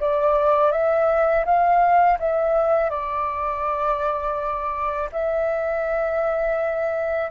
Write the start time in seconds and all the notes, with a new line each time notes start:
0.00 D5
0.71 E5
1.45 F5
2.19 E5
2.90 D5
5.12 E5